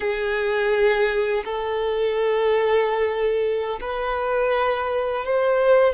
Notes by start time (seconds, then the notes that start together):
0.00 G#4
1.45 A4
3.80 B4
5.25 C5